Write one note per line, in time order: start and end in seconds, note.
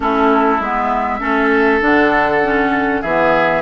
0.00 0.59 A3
0.00 0.60 C#4
0.00 1.20 E4
0.00 0.61 A4
0.59 1.20 G#3
0.59 1.19 B3
0.59 1.82 E5
1.19 1.81 A3
1.19 1.80 C#4
1.19 3.01 A4
1.80 3.02 D3
1.80 2.41 D4
1.80 3.02 F#5
2.43 3.03 C#4
3.01 3.61 E3
3.01 3.61 B3
3.01 3.61 G#4
3.01 3.61 E5